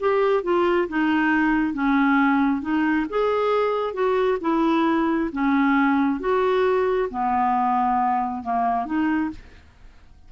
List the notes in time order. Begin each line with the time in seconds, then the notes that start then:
0.00 G4
0.43 F4
0.88 D#4
1.74 C#4
2.62 D#4
3.10 G#4
3.94 F#4
4.41 E4
5.33 C#4
6.20 F#4
7.10 B3
8.43 A#3
8.86 D#4